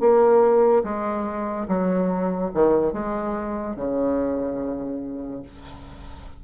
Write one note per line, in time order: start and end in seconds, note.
0.00 0.83 A#3
0.84 1.67 G#3
1.68 2.52 F#3
2.54 2.93 D#3
2.93 3.76 G#3
3.76 5.43 C#3